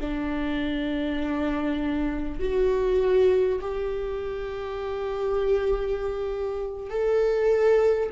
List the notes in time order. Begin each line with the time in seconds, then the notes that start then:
0.00 D4
2.39 F#4
3.61 G4
6.90 A4